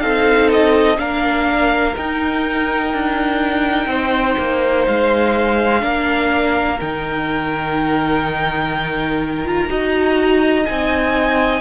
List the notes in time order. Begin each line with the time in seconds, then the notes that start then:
0.00 C4 D#4 A4 F5
0.52 D#5
0.97 A#3 D4 A#4 F5
1.96 D#4 G5
2.94 D4
3.87 C4 C5
4.39 A#3
4.86 G#3 F5
5.80 A#3 D4 A#4
6.80 D#3 D#4 G5
9.45 F4 A#5
9.68 D#4 F#4 D#5
10.66 C4 D#4 G#5